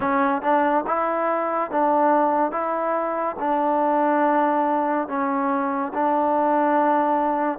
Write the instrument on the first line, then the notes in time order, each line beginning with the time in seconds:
trombone
0.00 C#4
0.42 D4
0.86 E4
1.71 D4
2.51 E4
3.39 D4
5.07 C#4
5.93 D4